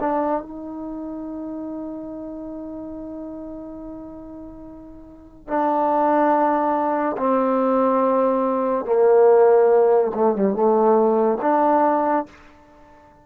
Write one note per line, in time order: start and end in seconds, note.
0.00 0.42 D4
0.42 5.47 D#4
5.47 7.16 D4
7.18 8.85 C4
8.85 10.12 A#3
10.14 10.35 A3
10.35 10.54 G3
10.54 11.38 A3
11.42 12.26 D4